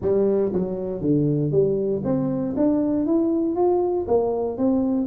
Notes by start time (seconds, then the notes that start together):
0.01 G3
0.52 F#3
1.01 D3
1.51 G3
2.04 C4
2.57 D4
3.06 E4
3.55 F4
4.07 A#3
4.57 C4